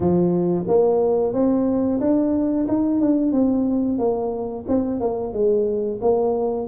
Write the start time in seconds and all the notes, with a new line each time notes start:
0.00 F3
0.67 A#3
1.33 C4
2.00 D4
2.68 D#4
3.00 D4
3.32 C4
3.98 A#3
4.68 C4
5.00 A#3
5.33 G#3
6.01 A#3